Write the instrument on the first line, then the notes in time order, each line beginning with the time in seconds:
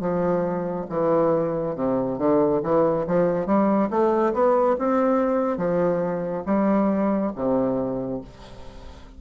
bassoon
0.00 F3
0.90 E3
1.75 C3
2.18 D3
2.63 E3
3.07 F3
3.46 G3
3.90 A3
4.33 B3
4.78 C4
5.58 F3
6.46 G3
7.35 C3